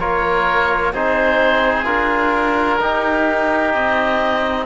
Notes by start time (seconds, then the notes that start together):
0.00 A#3 F4 A#4 C#5
0.93 C4 D#4 G#4 C5
1.85 D4 F4 A#4
2.80 D#4 G4
3.75 C4 D#5